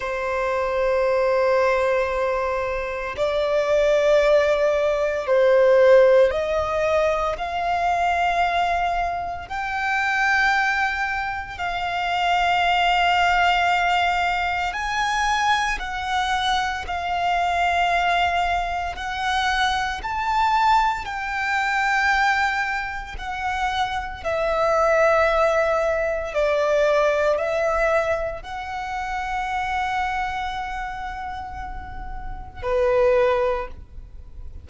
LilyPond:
\new Staff \with { instrumentName = "violin" } { \time 4/4 \tempo 4 = 57 c''2. d''4~ | d''4 c''4 dis''4 f''4~ | f''4 g''2 f''4~ | f''2 gis''4 fis''4 |
f''2 fis''4 a''4 | g''2 fis''4 e''4~ | e''4 d''4 e''4 fis''4~ | fis''2. b'4 | }